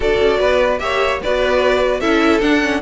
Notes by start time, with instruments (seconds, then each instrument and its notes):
0.00 cello D4, viola F#4, violin A4 D5
0.19 cello C#4
0.39 cello B3, violin B4
0.78 cello A#3, viola G4, violin C#5 E5
1.22 cello B3, viola F#4, violin B4 D5
2.00 cello C#4, viola E4, violin A4 E5
2.40 viola D4, cello D4, violin F#5
2.62 viola C#4